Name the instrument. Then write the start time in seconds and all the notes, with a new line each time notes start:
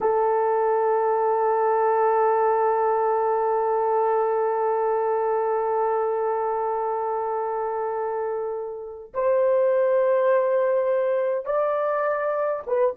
horn
0.01 A4
9.14 C5
11.45 D5
12.66 B4